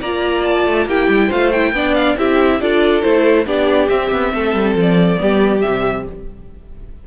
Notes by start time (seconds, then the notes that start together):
0.00 A#3 F4 D5 A#5
0.44 A5
0.66 A3
0.85 A#3 E4 G4 G5
1.08 G3
1.28 A3 F4 C5 F5
1.52 E4 G5
1.72 B3 D4 D5
1.94 F5
2.17 C4 E4 G4 E5
2.60 D4 F4 A4 D5
3.02 A3 E4 C5
3.45 B3 D4 G4 D5
3.89 C4 E5
4.11 B3
4.33 A3 A4
4.54 G3
4.75 F3 D5
5.16 G3 B3 G4
5.61 C3 G3 E5